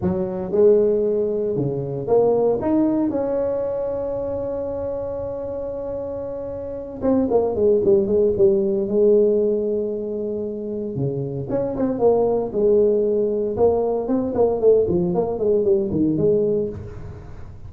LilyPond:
\new Staff \with { instrumentName = "tuba" } { \time 4/4 \tempo 4 = 115 fis4 gis2 cis4 | ais4 dis'4 cis'2~ | cis'1~ | cis'4. c'8 ais8 gis8 g8 gis8 |
g4 gis2.~ | gis4 cis4 cis'8 c'8 ais4 | gis2 ais4 c'8 ais8 | a8 f8 ais8 gis8 g8 dis8 gis4 | }